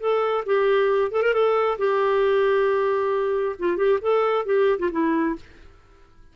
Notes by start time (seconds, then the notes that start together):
0.00 A4
0.46 G4
1.12 A4
1.22 A#4
1.33 A4
1.78 G4
3.59 F4
3.77 G4
4.01 A4
4.45 G4
4.79 F4
4.92 E4